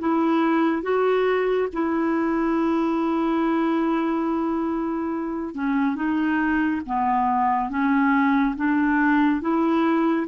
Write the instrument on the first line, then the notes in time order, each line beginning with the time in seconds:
clarinet
0.00 E4
0.83 F#4
1.73 E4
5.55 C#4
5.96 D#4
6.86 B3
7.70 C#4
8.56 D4
9.42 E4